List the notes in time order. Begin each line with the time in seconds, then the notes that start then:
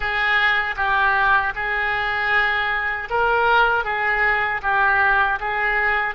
0.00 G#4
0.76 G4
1.55 G#4
3.09 A#4
3.84 G#4
4.62 G4
5.40 G#4